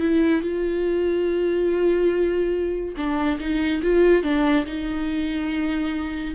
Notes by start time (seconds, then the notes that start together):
0.00 E4
0.42 F4
2.97 D4
3.40 D#4
3.83 F4
4.23 D4
4.66 D#4